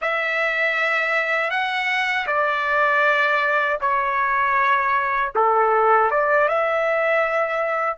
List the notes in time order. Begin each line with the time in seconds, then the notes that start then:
0.01 E5
1.50 F#5
2.26 D5
3.80 C#5
5.35 A4
6.10 D5
6.48 E5